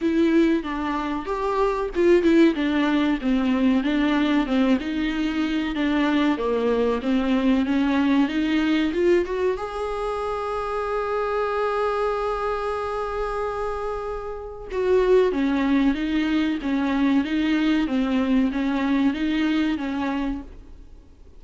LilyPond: \new Staff \with { instrumentName = "viola" } { \time 4/4 \tempo 4 = 94 e'4 d'4 g'4 f'8 e'8 | d'4 c'4 d'4 c'8 dis'8~ | dis'4 d'4 ais4 c'4 | cis'4 dis'4 f'8 fis'8 gis'4~ |
gis'1~ | gis'2. fis'4 | cis'4 dis'4 cis'4 dis'4 | c'4 cis'4 dis'4 cis'4 | }